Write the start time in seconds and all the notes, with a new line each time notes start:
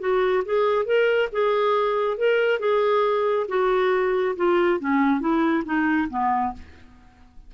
0.00 F#4
0.45 G#4
0.86 A#4
1.33 G#4
2.18 A#4
2.60 G#4
3.49 F#4
4.37 F4
4.80 C#4
5.20 E4
5.65 D#4
6.10 B3